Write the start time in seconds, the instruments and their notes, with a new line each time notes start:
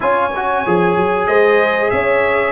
0.00 tuba C#4, trombone F4, horn C#5, trumpet G#5
0.35 trombone F#4
0.66 tuba F3, trombone G#4
0.96 tuba F#3
1.27 tuba G#3, horn C5, trumpet D#5
1.90 tuba C#4, horn C#5, trumpet E5